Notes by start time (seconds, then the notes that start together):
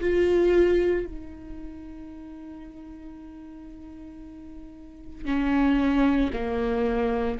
0.00 F4
1.05 D#4
5.25 C#4
6.33 A#3